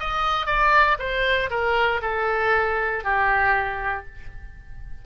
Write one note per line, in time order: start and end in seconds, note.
0.00 0.46 D#5
0.46 0.97 D5
0.99 1.50 C5
1.50 2.01 A#4
2.02 3.04 A4
3.04 4.05 G4